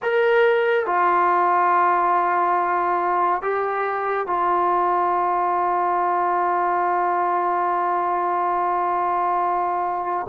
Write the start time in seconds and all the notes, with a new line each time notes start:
0.02 A#4
0.86 F4
3.42 G4
4.26 F4